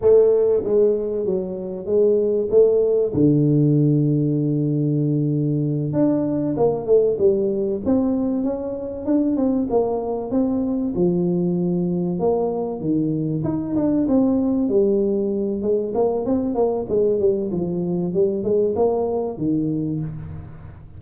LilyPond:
\new Staff \with { instrumentName = "tuba" } { \time 4/4 \tempo 4 = 96 a4 gis4 fis4 gis4 | a4 d2.~ | d4. d'4 ais8 a8 g8~ | g8 c'4 cis'4 d'8 c'8 ais8~ |
ais8 c'4 f2 ais8~ | ais8 dis4 dis'8 d'8 c'4 g8~ | g4 gis8 ais8 c'8 ais8 gis8 g8 | f4 g8 gis8 ais4 dis4 | }